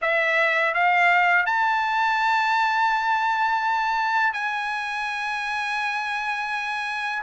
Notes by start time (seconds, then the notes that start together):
0.01 E5
0.74 F5
1.46 A5
4.33 G#5